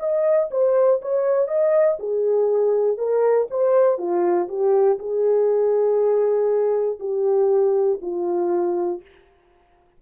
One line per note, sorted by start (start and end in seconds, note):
0.00 0.50 D#5
0.51 1.01 C5
1.02 1.48 C#5
1.48 1.98 D#5
2.00 2.98 G#4
2.98 3.48 A#4
3.51 3.98 C5
3.98 4.48 F4
4.49 4.99 G4
4.99 6.99 G#4
7.00 8.00 G4
8.02 9.02 F4